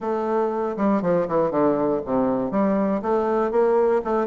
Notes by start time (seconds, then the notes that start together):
0.00 A3
0.77 G3
1.02 F3
1.28 E3
1.50 D3
2.05 C3
2.51 G3
3.02 A3
3.51 A#3
4.04 A3